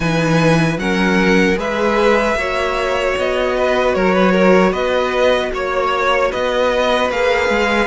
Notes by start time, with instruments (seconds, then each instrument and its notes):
0.00 cello E3, viola D#4, violin B4 G#5
0.77 cello F#3, viola C#4, violin A#4 F#5
1.55 cello G#3, viola G#4, violin B4 E5
2.35 cello A#3, viola F#4, violin C#5
3.17 cello B3, violin D#5
3.57 violin B4
3.94 cello F#3, violin A#4 C#5
4.13 violin B4
4.31 violin A#4
4.71 cello B3, violin B4 D#5
5.53 cello A#3, violin C#5
6.31 cello B3, violin B4 D#5
7.10 cello A#3, viola G#4, violin F5
7.49 cello G#3